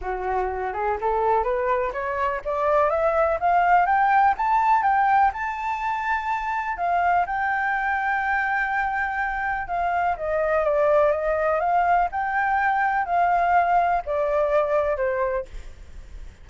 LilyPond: \new Staff \with { instrumentName = "flute" } { \time 4/4 \tempo 4 = 124 fis'4. gis'8 a'4 b'4 | cis''4 d''4 e''4 f''4 | g''4 a''4 g''4 a''4~ | a''2 f''4 g''4~ |
g''1 | f''4 dis''4 d''4 dis''4 | f''4 g''2 f''4~ | f''4 d''2 c''4 | }